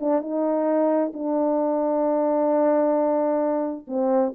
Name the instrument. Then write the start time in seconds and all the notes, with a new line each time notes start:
horn
0.00 D4
0.21 D#4
1.13 D4
3.87 C4